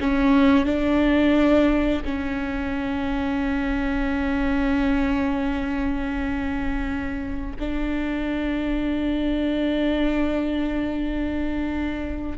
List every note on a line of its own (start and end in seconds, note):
0.00 0.65 C#4
0.65 2.03 D4
2.04 7.56 C#4
7.60 12.38 D4